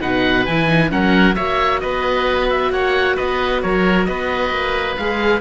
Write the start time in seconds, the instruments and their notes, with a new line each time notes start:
0.00 cello B2, viola D#4, oboe B4 F#5
0.46 cello E3, viola E4, oboe G#5
0.68 viola D#4
0.90 cello F#3, viola C#4, oboe A#4 F#5
1.35 cello A#3, viola F#4, oboe C#5 E5
1.80 cello B3, oboe B4 D#5
2.50 oboe E5
2.71 cello A#3, oboe C#5 F#5
3.16 cello B3, oboe B4 D#5
3.62 cello F#3, oboe A#4 C#5
4.05 cello B3, oboe B4 D#5
4.50 cello A#3
4.97 cello G#3, viola G#4, oboe F5